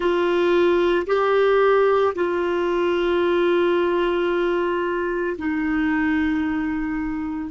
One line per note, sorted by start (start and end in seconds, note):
0.00 1.06 F4
1.06 2.13 G4
2.15 5.36 F4
5.38 7.50 D#4